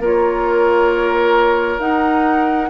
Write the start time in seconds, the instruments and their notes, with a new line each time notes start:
0.00 bassoon A#3, clarinet F4, oboe A#4
0.06 flute C#5
1.80 bassoon D#4, clarinet D#4, flute F#5